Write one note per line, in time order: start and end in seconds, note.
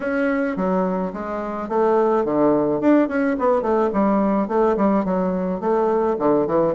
0.00 0.56 C#4
0.56 1.12 F#3
1.13 1.68 G#3
1.68 2.24 A3
2.24 2.80 D3
2.80 3.08 D4
3.08 3.36 C#4
3.38 3.62 B3
3.62 3.90 A3
3.93 4.48 G3
4.48 4.76 A3
4.76 5.04 G3
5.05 5.60 F#3
5.60 6.16 A3
6.18 6.46 D3
6.46 6.74 E3